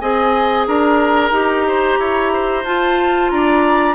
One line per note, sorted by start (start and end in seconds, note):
0.00 0.67 C4
0.00 1.32 G#4
0.00 0.67 D#5
0.00 0.66 G#5
0.67 1.30 D4
0.67 1.67 A#4
0.67 2.65 A#5
1.30 1.96 D#4
1.30 2.64 G4
1.67 1.99 C5
1.99 2.64 E4
1.99 2.32 C#5
2.33 3.32 C5
2.64 3.30 F4
2.64 3.95 F4
2.64 3.30 A5
3.30 3.95 D4
3.30 3.95 D5
3.30 3.95 A#5